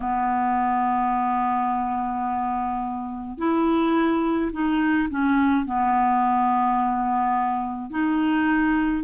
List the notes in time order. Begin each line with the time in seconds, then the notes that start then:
0.00 B3
3.38 E4
4.52 D#4
5.09 C#4
5.66 B3
7.90 D#4